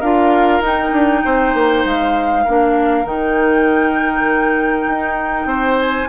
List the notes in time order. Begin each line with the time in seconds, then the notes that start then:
0.00 D4 F4 A#4 F5
0.61 D#4 G5
0.93 D4
1.25 C4 C5
1.54 A#3
1.85 G#3 F5
2.45 A#3 D4 A#4
3.05 D#3 D#4 G5
4.87 D#4
5.46 C4 C5
5.79 G#5